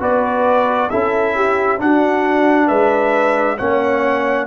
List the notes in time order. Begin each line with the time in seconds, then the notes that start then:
0.00 B3 F#4 B4 D5
0.90 C#4 E4 A4 E5
1.36 G4
1.79 D4 F#4 F#5
2.68 G#3 B4 E5
3.58 A#3 C#4 C#5 F#5